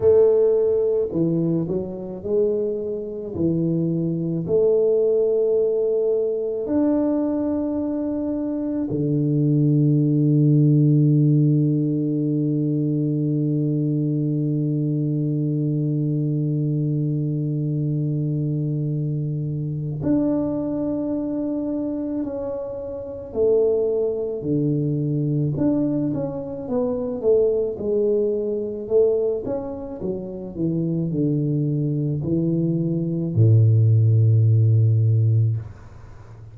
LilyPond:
\new Staff \with { instrumentName = "tuba" } { \time 4/4 \tempo 4 = 54 a4 e8 fis8 gis4 e4 | a2 d'2 | d1~ | d1~ |
d2 d'2 | cis'4 a4 d4 d'8 cis'8 | b8 a8 gis4 a8 cis'8 fis8 e8 | d4 e4 a,2 | }